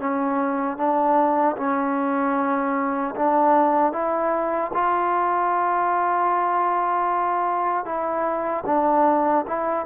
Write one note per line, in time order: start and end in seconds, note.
0.00 0.78 C#4
0.78 1.56 D4
1.57 3.15 C#4
3.16 3.93 D4
3.93 4.72 E4
4.74 7.86 F4
7.86 8.64 E4
8.67 9.46 D4
9.47 9.86 E4